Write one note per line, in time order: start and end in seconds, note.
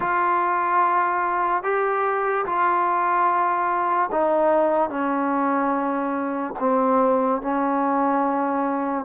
0.00 1.63 F4
1.63 2.45 G4
2.45 4.09 F4
4.11 4.89 D#4
4.89 6.54 C#4
6.59 7.41 C4
7.41 9.05 C#4